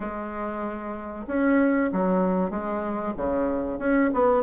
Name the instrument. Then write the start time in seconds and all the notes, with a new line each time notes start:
bassoon
0.00 G#3
1.27 C#4
1.92 F#3
2.50 G#3
3.17 C#3
3.79 C#4
4.13 B3